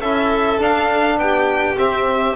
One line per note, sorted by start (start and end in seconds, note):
0.00 0.59 C#4
0.00 0.58 E4
0.00 1.18 A4
0.00 0.60 E5
0.58 1.76 D4
0.58 1.18 D4
0.58 1.19 F5
1.18 1.76 B3
1.18 2.36 G4
1.18 1.77 G5
1.78 2.36 C4
1.78 2.36 E5